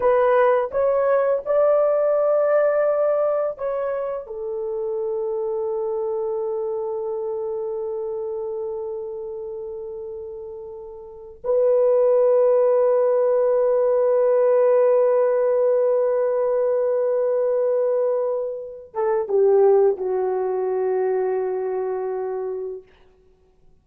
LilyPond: \new Staff \with { instrumentName = "horn" } { \time 4/4 \tempo 4 = 84 b'4 cis''4 d''2~ | d''4 cis''4 a'2~ | a'1~ | a'1 |
b'1~ | b'1~ | b'2~ b'8 a'8 g'4 | fis'1 | }